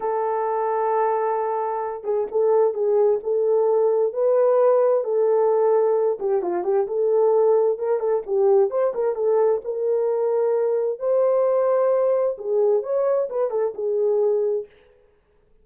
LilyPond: \new Staff \with { instrumentName = "horn" } { \time 4/4 \tempo 4 = 131 a'1~ | a'8 gis'8 a'4 gis'4 a'4~ | a'4 b'2 a'4~ | a'4. g'8 f'8 g'8 a'4~ |
a'4 ais'8 a'8 g'4 c''8 ais'8 | a'4 ais'2. | c''2. gis'4 | cis''4 b'8 a'8 gis'2 | }